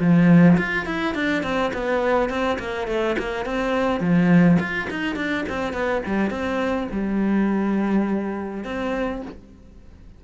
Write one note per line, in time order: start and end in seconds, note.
0.00 0.58 F3
0.58 0.86 F4
0.86 1.15 E4
1.15 1.43 D4
1.43 1.72 C4
1.74 2.29 B3
2.29 2.58 C4
2.59 2.88 A#3
2.88 3.17 A3
3.19 3.46 A#3
3.46 4.00 C4
4.00 4.58 F3
4.60 4.89 F4
4.90 5.16 D#4
5.16 5.45 D4
5.49 5.73 C4
5.73 6.02 B3
6.06 6.30 G3
6.30 6.88 C4
6.92 8.64 G3
8.64 9.22 C4